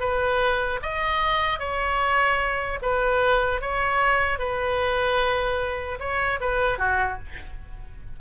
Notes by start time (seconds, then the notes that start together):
0.00 B4
0.82 D#5
1.59 C#5
2.82 B4
3.61 C#5
4.38 B4
5.99 C#5
6.40 B4
6.78 F#4